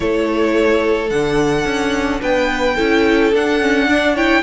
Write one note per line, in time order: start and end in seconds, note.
0.00 1.10 A3
0.00 1.08 E4
0.00 2.20 A4
0.00 1.10 C#5
1.10 1.65 D3
1.10 2.77 D4
1.10 2.21 F#5
1.65 2.20 C#4
2.20 2.78 B3
2.20 2.75 B4
2.20 3.34 G5
2.75 3.32 C#4
2.75 3.33 E4
2.75 3.86 A4
3.32 4.42 D4
3.32 3.61 D4
3.32 4.16 F#5
3.61 3.88 C#4
3.88 4.16 D4
3.88 4.14 D5
4.14 4.42 E4
4.14 4.42 C#5
4.14 4.42 G5